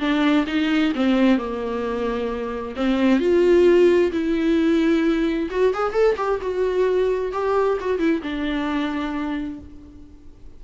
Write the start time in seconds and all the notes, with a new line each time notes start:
0.00 D4
0.47 D#4
0.96 C4
1.38 A#3
2.76 C4
3.20 F4
4.12 E4
5.51 F#4
5.74 G#4
5.93 A4
6.17 G4
6.42 F#4
7.33 G4
7.81 F#4
7.99 E4
8.23 D4